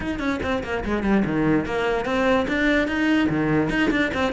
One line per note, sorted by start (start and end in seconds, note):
0.00 0.19 D#4
0.19 0.39 C#4
0.42 0.63 C4
0.63 0.83 A#3
0.84 1.03 G#3
1.03 1.23 G3
1.25 1.65 D#3
1.65 2.05 A#3
2.05 2.46 C4
2.48 2.87 D4
2.87 3.28 D#4
3.29 3.69 D#3
3.69 3.90 D#4
3.90 4.11 D4
4.13 4.33 C4